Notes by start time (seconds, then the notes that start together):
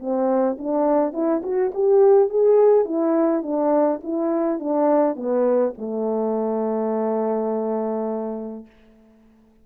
0.00 C4
0.58 D4
1.13 E4
1.43 F#4
1.75 G4
2.30 G#4
2.86 E4
3.43 D4
4.04 E4
4.60 D4
5.16 B3
5.78 A3